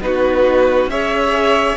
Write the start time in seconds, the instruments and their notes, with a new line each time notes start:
0.00 cello B3, viola D#4, violin F#4 B4
0.86 cello C#4, viola G#4, violin C#5 E5